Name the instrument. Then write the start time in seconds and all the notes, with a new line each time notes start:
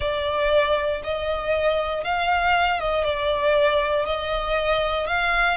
violin
0.00 D5
1.04 D#5
2.03 F5
2.80 D#5
3.04 D5
4.05 D#5
5.07 F5